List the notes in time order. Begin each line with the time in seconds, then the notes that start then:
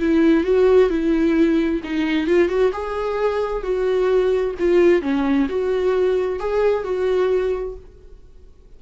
0.00 E4
0.45 F#4
0.91 E4
1.84 D#4
2.28 F4
2.49 F#4
2.73 G#4
3.64 F#4
4.60 F4
5.02 C#4
5.50 F#4
6.40 G#4
6.84 F#4